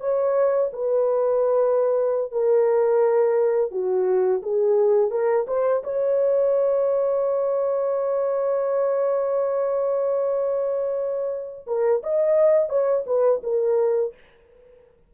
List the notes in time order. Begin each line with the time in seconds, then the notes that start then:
0.00 C#5
0.73 B4
2.32 A#4
3.71 F#4
4.43 G#4
5.11 A#4
5.47 C5
5.84 C#5
11.67 A#4
12.04 D#5
12.69 C#5
13.07 B4
13.43 A#4